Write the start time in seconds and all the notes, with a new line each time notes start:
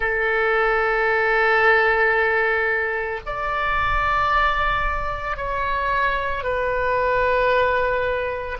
0.00 A4
3.25 D5
5.36 C#5
6.43 B4